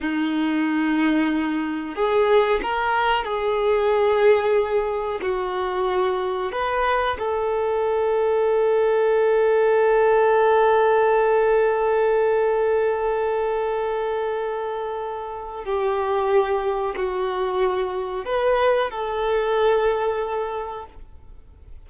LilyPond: \new Staff \with { instrumentName = "violin" } { \time 4/4 \tempo 4 = 92 dis'2. gis'4 | ais'4 gis'2. | fis'2 b'4 a'4~ | a'1~ |
a'1~ | a'1 | g'2 fis'2 | b'4 a'2. | }